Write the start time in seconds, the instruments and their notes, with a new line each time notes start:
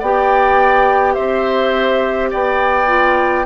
0.00 bassoon B3, clarinet G4, oboe D5, flute G5
1.14 bassoon C4, oboe C5, flute E5
2.31 bassoon B3, oboe D5, flute G5
2.87 clarinet F4